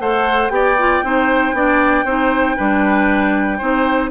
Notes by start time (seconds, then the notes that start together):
0.00 A3 A4 C5 F#5
0.49 B3 G4 D5 G5
0.79 F4
1.04 C4 D#4 C5
1.53 B3 D4 D5
2.05 C4 D#4 C5
2.57 G3 D4 B4
3.58 C4 D#4 C5